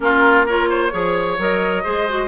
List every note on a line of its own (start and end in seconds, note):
0.00 0.92 A#3
0.00 0.46 C#4
0.00 0.45 F4
0.00 0.46 A#4
0.45 0.91 F4
0.45 0.69 A#4
0.45 1.40 C#5
0.69 0.92 C5
0.91 1.38 F3
0.91 1.37 G#4
0.91 1.83 C#5
1.38 1.84 F#3
1.38 1.84 A#4
1.38 2.27 D#5
1.83 2.27 G#3
1.83 2.07 G#4
1.83 2.27 C5
2.08 2.27 F#4